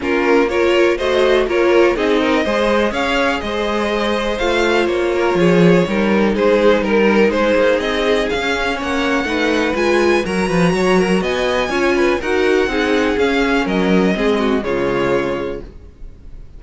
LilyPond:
<<
  \new Staff \with { instrumentName = "violin" } { \time 4/4 \tempo 4 = 123 ais'4 cis''4 dis''4 cis''4 | dis''2 f''4 dis''4~ | dis''4 f''4 cis''2~ | cis''4 c''4 ais'4 c''4 |
dis''4 f''4 fis''2 | gis''4 ais''2 gis''4~ | gis''4 fis''2 f''4 | dis''2 cis''2 | }
  \new Staff \with { instrumentName = "violin" } { \time 4/4 f'4 ais'4 c''4 ais'4 | gis'8 ais'8 c''4 cis''4 c''4~ | c''2~ c''8 ais'8 gis'4 | ais'4 gis'4 ais'4 gis'4~ |
gis'2 cis''4 b'4~ | b'4 ais'8 b'8 cis''8 ais'8 dis''4 | cis''8 b'8 ais'4 gis'2 | ais'4 gis'8 fis'8 f'2 | }
  \new Staff \with { instrumentName = "viola" } { \time 4/4 cis'4 f'4 fis'4 f'4 | dis'4 gis'2.~ | gis'4 f'2. | dis'1~ |
dis'4 cis'2 dis'4 | f'4 fis'2. | f'4 fis'4 dis'4 cis'4~ | cis'4 c'4 gis2 | }
  \new Staff \with { instrumentName = "cello" } { \time 4/4 ais2 a4 ais4 | c'4 gis4 cis'4 gis4~ | gis4 a4 ais4 f4 | g4 gis4 g4 gis8 ais8 |
c'4 cis'4 ais4 a4 | gis4 fis8 f8 fis4 b4 | cis'4 dis'4 c'4 cis'4 | fis4 gis4 cis2 | }
>>